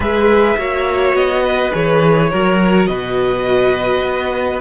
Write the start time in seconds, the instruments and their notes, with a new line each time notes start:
0.00 cello G#3, viola G#4, violin B4 E5
0.57 cello A#3, viola F#4, violin C#5
1.13 cello B3, violin D#5
1.43 violin B4
1.71 cello E3, viola G#4, violin C#5
2.30 cello F#3, viola F#4, violin A#4
2.86 cello B2, violin B4 D#5
4.03 cello B3